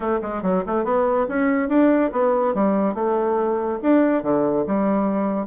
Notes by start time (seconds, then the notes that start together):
0.00 A3
0.22 G#3
0.42 F#3
0.66 A3
0.84 B3
1.28 C#4
1.68 D4
2.12 B3
2.54 G3
2.94 A3
3.82 D4
4.23 D3
4.66 G3